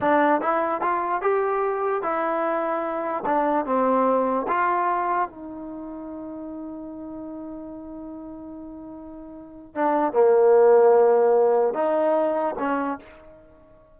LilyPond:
\new Staff \with { instrumentName = "trombone" } { \time 4/4 \tempo 4 = 148 d'4 e'4 f'4 g'4~ | g'4 e'2. | d'4 c'2 f'4~ | f'4 dis'2.~ |
dis'1~ | dis'1 | d'4 ais2.~ | ais4 dis'2 cis'4 | }